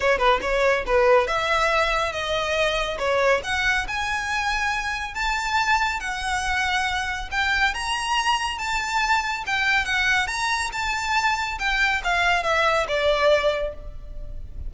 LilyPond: \new Staff \with { instrumentName = "violin" } { \time 4/4 \tempo 4 = 140 cis''8 b'8 cis''4 b'4 e''4~ | e''4 dis''2 cis''4 | fis''4 gis''2. | a''2 fis''2~ |
fis''4 g''4 ais''2 | a''2 g''4 fis''4 | ais''4 a''2 g''4 | f''4 e''4 d''2 | }